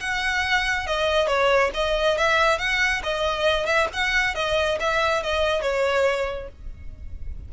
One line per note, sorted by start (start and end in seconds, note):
0.00 0.87 F#5
0.87 1.27 D#5
1.27 1.71 C#5
1.74 2.18 D#5
2.18 2.59 E5
2.59 3.02 F#5
3.04 3.66 D#5
3.66 3.88 E5
3.93 4.35 F#5
4.35 4.78 D#5
4.80 5.23 E5
5.23 5.62 D#5
5.62 6.49 C#5